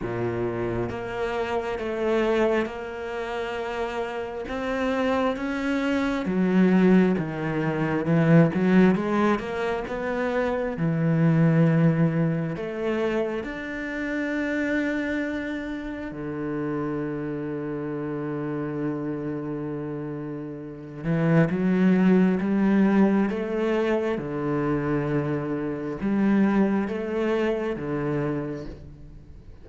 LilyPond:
\new Staff \with { instrumentName = "cello" } { \time 4/4 \tempo 4 = 67 ais,4 ais4 a4 ais4~ | ais4 c'4 cis'4 fis4 | dis4 e8 fis8 gis8 ais8 b4 | e2 a4 d'4~ |
d'2 d2~ | d2.~ d8 e8 | fis4 g4 a4 d4~ | d4 g4 a4 d4 | }